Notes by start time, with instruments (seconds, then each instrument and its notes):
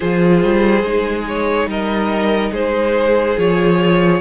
0.00 cello F3, viola F4, violin G#4 C5
0.43 cello G3
0.83 cello G#3, viola D#4
1.27 violin C#5
1.66 cello G3, violin A#4 D#5
2.51 cello G#3, violin G#4 C5
3.37 cello F3, viola F4, violin C#5